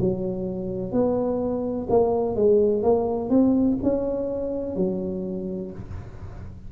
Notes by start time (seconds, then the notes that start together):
0.00 F#3
0.92 B3
1.90 A#3
2.36 G#3
2.83 A#3
3.30 C4
3.83 C#4
4.77 F#3